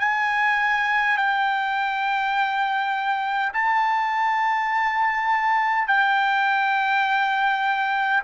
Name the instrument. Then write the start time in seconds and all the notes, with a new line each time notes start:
trumpet
0.00 G#5
1.17 G5
3.53 A5
5.88 G5